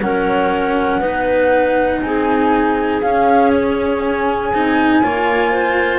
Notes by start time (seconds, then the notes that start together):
0.00 F#3 C#4 A#4 F#5
1.00 B3 D#4 B4
2.00 C4 G#4 G#5
3.01 C#4 F5
3.53 C#5
4.00 G#5
4.52 C4 D#4
5.02 A#3 F4 C#5
5.51 C5